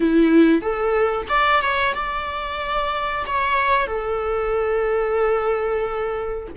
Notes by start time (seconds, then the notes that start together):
0.00 E4
0.61 A4
1.29 D5
1.61 C#5
1.94 D5
3.26 C#5
3.87 A4